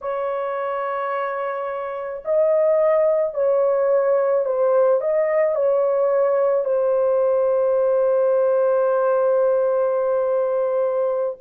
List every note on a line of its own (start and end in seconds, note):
0.01 2.23 C#5
2.24 3.33 D#5
3.33 4.44 C#5
4.45 5.01 C5
5.01 5.55 D#5
5.55 6.64 C#5
6.64 11.36 C5